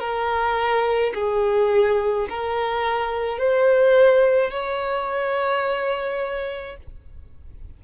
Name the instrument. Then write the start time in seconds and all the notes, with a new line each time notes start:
violin
0.00 A#4
1.14 G#4
2.30 A#4
3.39 C5
4.51 C#5